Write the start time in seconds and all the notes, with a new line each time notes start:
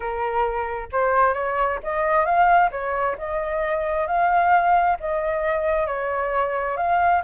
0.00 A#4
0.91 C5
1.33 C#5
1.83 D#5
2.25 F5
2.71 C#5
3.18 D#5
4.07 F5
5.00 D#5
5.86 C#5
6.77 F5